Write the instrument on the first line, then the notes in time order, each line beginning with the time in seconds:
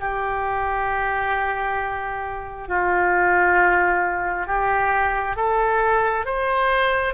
oboe
0.00 G4
2.68 F4
4.47 G4
5.36 A4
6.26 C5